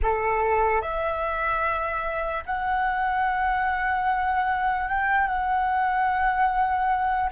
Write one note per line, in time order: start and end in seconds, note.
0.02 0.81 A4
0.81 2.43 E5
2.46 4.88 F#5
4.88 5.27 G5
5.27 7.30 F#5